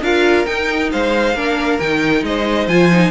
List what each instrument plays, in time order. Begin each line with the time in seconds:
0.00 cello D4, viola F4, violin A#4 F5
0.45 viola D#4, cello D#4, violin G5
0.91 cello G#3, violin C5 F5
1.34 cello A#3, viola D4, violin A#4
1.79 cello D#3, viola D#4, violin G5
2.23 cello G#3, violin C5 D#5
2.67 cello F3, viola F4, violin G#5
2.91 viola D#4